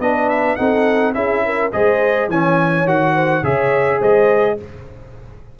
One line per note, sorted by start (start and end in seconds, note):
0.00 0.57 B3
0.00 0.58 D4
0.00 0.58 B4
0.00 0.29 D#5
0.29 0.56 E5
0.56 1.15 C4
0.56 1.15 D#4
0.56 1.15 A4
0.56 1.13 F#5
1.15 1.72 C#4
1.15 1.72 E4
1.15 1.44 G#4
1.15 1.72 E5
1.46 1.74 A#4
1.73 2.29 G#3
1.73 2.31 G#4
1.73 2.31 C5
1.73 2.30 D#5
2.29 2.85 E3
2.29 2.87 C#4
2.29 3.15 C#5
2.29 2.88 G#5
2.85 3.43 D#3
2.85 3.44 F#4
2.85 3.45 F#5
3.15 3.43 C5
3.43 4.00 C#3
3.43 4.58 G#4
3.43 4.00 C#5
3.43 4.02 E5
4.00 4.58 G#3
4.00 4.57 C5
4.00 4.60 D#5